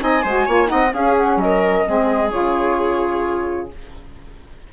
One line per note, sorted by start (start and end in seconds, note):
0.00 0.24 C4
0.00 0.23 D#4
0.00 0.22 D#5
0.00 0.68 G#5
0.22 0.47 G#3
0.22 0.47 F#4
0.22 0.45 C5
0.45 0.71 A#3
0.45 0.66 F4
0.45 0.68 C#5
0.66 0.93 C4
0.66 0.89 D#4
0.66 0.93 D#5
0.66 0.92 F#5
0.93 1.85 C#4
0.93 1.36 C#4
0.93 1.39 G#4
0.93 1.16 F5
1.17 1.40 F#5
1.36 1.82 F#3
1.36 2.30 D#5
1.44 1.88 A#4
1.86 2.32 G#3
1.86 2.31 C4
1.86 3.72 G#4
2.30 3.71 C#3
2.30 3.69 F4
2.30 3.69 C#5